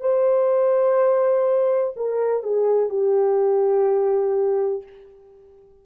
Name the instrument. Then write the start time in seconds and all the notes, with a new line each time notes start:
horn
0.00 C5
1.96 A#4
2.43 G#4
2.89 G4